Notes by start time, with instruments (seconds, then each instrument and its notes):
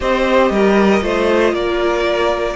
0.00 cello C4, viola G4, violin C5 D#5
0.50 cello G3, violin A#4
1.01 cello A3, viola F4, violin C5
1.52 cello A#3, violin A#4 D5